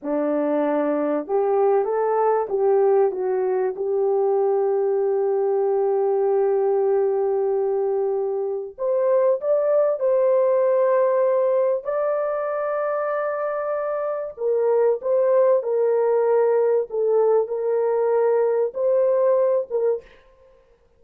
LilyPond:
\new Staff \with { instrumentName = "horn" } { \time 4/4 \tempo 4 = 96 d'2 g'4 a'4 | g'4 fis'4 g'2~ | g'1~ | g'2 c''4 d''4 |
c''2. d''4~ | d''2. ais'4 | c''4 ais'2 a'4 | ais'2 c''4. ais'8 | }